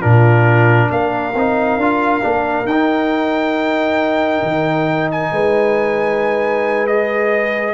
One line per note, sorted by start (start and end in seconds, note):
0.00 0.90 A#2
0.00 1.33 D4
0.00 0.88 F4
0.00 0.89 A#4
0.90 1.34 A#3
0.90 5.31 A#4
0.90 2.66 F5
1.34 1.77 C4
1.34 1.80 D#4
1.77 2.21 D4
1.77 2.20 F4
2.20 2.65 A#3
2.20 2.65 D4
2.65 4.41 D#4
2.65 6.88 D#4
2.65 5.09 G5
4.42 5.31 D#3
5.11 6.86 G#5
5.31 7.74 G#3
5.31 7.74 B4
6.86 7.74 G#4
6.86 7.74 D#5